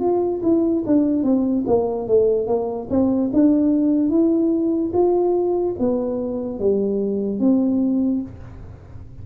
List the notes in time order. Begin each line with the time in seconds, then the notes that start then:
0.00 F4
0.43 E4
0.86 D4
1.23 C4
1.67 A#3
2.08 A3
2.47 A#3
2.90 C4
3.33 D4
4.10 E4
4.94 F4
5.79 B3
6.59 G3
7.39 C4